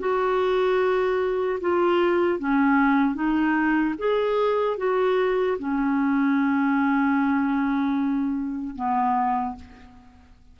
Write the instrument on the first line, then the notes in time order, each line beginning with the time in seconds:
clarinet
0.00 F#4
1.61 F4
2.39 C#4
3.15 D#4
3.99 G#4
4.78 F#4
5.59 C#4
8.76 B3